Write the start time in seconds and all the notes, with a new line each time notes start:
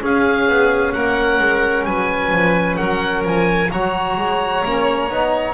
0.00 C#4 G#4 F5
0.48 B3
0.93 A#3 A#4 F#5
1.40 G#3
1.85 F#3 B4 G#5
2.31 F3
2.76 F#3 A#4 F#5
3.24 F3 G#5
3.72 F#3 F#4 C#5 A#5
4.17 G#3
4.65 A#3 C#4
5.10 B3 D#4